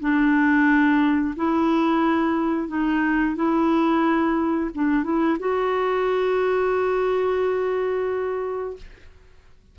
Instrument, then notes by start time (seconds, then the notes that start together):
clarinet
0.00 D4
1.36 E4
2.68 D#4
3.36 E4
4.74 D4
5.03 E4
5.39 F#4